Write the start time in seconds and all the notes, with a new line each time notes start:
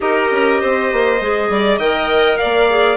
0.00 D#4 G4 A#4 D#5
0.31 C#4
0.60 C4 C5
0.92 A#3
1.20 G#3 G#4
1.49 G3 D5
1.78 D#3 A#4 D#5 G5
2.37 D5 F5
2.44 A#3
2.69 G#4